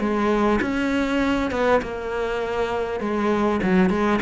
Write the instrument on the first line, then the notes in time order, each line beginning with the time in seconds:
cello
0.00 G#3
0.62 C#4
1.51 B3
1.82 A#3
3.00 G#3
3.63 F#3
3.90 G#3